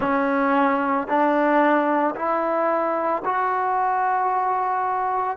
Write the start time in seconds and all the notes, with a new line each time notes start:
0.00 C#4
1.07 D4
2.15 E4
3.24 F#4